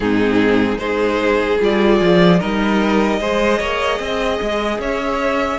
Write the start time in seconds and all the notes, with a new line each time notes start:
0.00 G#2 C4 D#4 G#4
0.78 G#3 D#4 G#4 C5
1.59 G3 F4 D5
2.01 F3
2.39 G3 D#4 A#4 D#5
3.20 G#3 G#4 C5
3.59 A#3 C#5
3.99 C4 D#5
4.41 G#3
4.78 C#4 C#5 E5